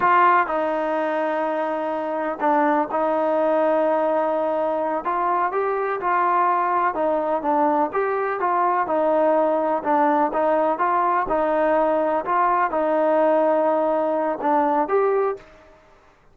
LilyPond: \new Staff \with { instrumentName = "trombone" } { \time 4/4 \tempo 4 = 125 f'4 dis'2.~ | dis'4 d'4 dis'2~ | dis'2~ dis'8 f'4 g'8~ | g'8 f'2 dis'4 d'8~ |
d'8 g'4 f'4 dis'4.~ | dis'8 d'4 dis'4 f'4 dis'8~ | dis'4. f'4 dis'4.~ | dis'2 d'4 g'4 | }